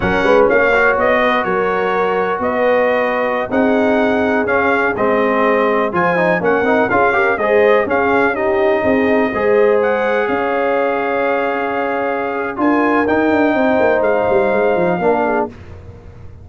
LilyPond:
<<
  \new Staff \with { instrumentName = "trumpet" } { \time 4/4 \tempo 4 = 124 fis''4 f''4 dis''4 cis''4~ | cis''4 dis''2~ dis''16 fis''8.~ | fis''4~ fis''16 f''4 dis''4.~ dis''16~ | dis''16 gis''4 fis''4 f''4 dis''8.~ |
dis''16 f''4 dis''2~ dis''8.~ | dis''16 fis''4 f''2~ f''8.~ | f''2 gis''4 g''4~ | g''4 f''2. | }
  \new Staff \with { instrumentName = "horn" } { \time 4/4 ais'8 b'8 cis''4. b'8 ais'4~ | ais'4 b'2~ b'16 gis'8.~ | gis'1~ | gis'16 c''4 ais'4 gis'8 ais'8 c''8.~ |
c''16 gis'4 g'4 gis'4 c''8.~ | c''4~ c''16 cis''2~ cis''8.~ | cis''2 ais'2 | c''2. ais'8 gis'8 | }
  \new Staff \with { instrumentName = "trombone" } { \time 4/4 cis'4. fis'2~ fis'8~ | fis'2.~ fis'16 dis'8.~ | dis'4~ dis'16 cis'4 c'4.~ c'16~ | c'16 f'8 dis'8 cis'8 dis'8 f'8 g'8 gis'8.~ |
gis'16 cis'4 dis'2 gis'8.~ | gis'1~ | gis'2 f'4 dis'4~ | dis'2. d'4 | }
  \new Staff \with { instrumentName = "tuba" } { \time 4/4 fis8 gis8 ais4 b4 fis4~ | fis4 b2~ b16 c'8.~ | c'4~ c'16 cis'4 gis4.~ gis16~ | gis16 f4 ais8 c'8 cis'4 gis8.~ |
gis16 cis'2 c'4 gis8.~ | gis4~ gis16 cis'2~ cis'8.~ | cis'2 d'4 dis'8 d'8 | c'8 ais8 gis8 g8 gis8 f8 ais4 | }
>>